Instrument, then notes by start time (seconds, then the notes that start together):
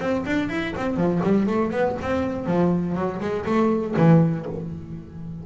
double bass
0.00 C4
0.26 D4
0.49 E4
0.76 C4
0.96 F3
1.23 G3
1.47 A3
1.71 B3
2.02 C4
2.46 F3
2.95 F#3
3.20 G#3
3.46 A3
3.96 E3